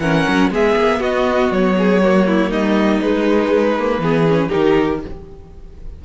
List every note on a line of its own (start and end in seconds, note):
0.00 0.25 E3
0.00 0.52 C#4
0.00 0.51 A#4
0.00 0.50 F#5
0.29 0.51 F#3
0.51 0.76 G#3
0.51 2.02 B3
0.51 1.00 G#4
0.51 1.02 E5
0.76 1.00 A#3
1.00 1.50 B3
1.00 1.75 F#4
1.00 1.52 D#5
1.51 2.51 F#3
1.51 2.52 C#5
1.79 2.03 G#4
2.03 3.02 A#3
2.03 2.27 F#4
2.27 2.50 E4
2.50 3.01 G3
2.50 4.00 D#4
2.50 3.01 D#5
3.01 3.99 G#3
3.01 3.77 G#3
3.01 4.51 B4
3.79 4.02 A#3
3.99 4.49 E3
3.99 4.27 B3
3.99 4.49 G#4
4.28 4.50 C#4
4.49 5.05 D#3
4.49 5.00 D#4
4.49 4.99 G4
4.49 5.02 A#4